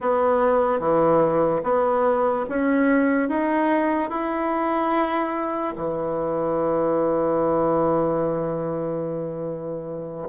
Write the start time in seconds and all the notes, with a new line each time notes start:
0.00 B3
0.79 E3
1.63 B3
2.49 C#4
3.28 D#4
4.09 E4
5.76 E3